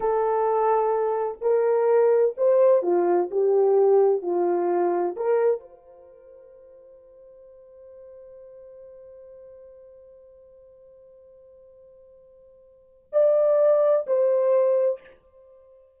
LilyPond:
\new Staff \with { instrumentName = "horn" } { \time 4/4 \tempo 4 = 128 a'2. ais'4~ | ais'4 c''4 f'4 g'4~ | g'4 f'2 ais'4 | c''1~ |
c''1~ | c''1~ | c''1 | d''2 c''2 | }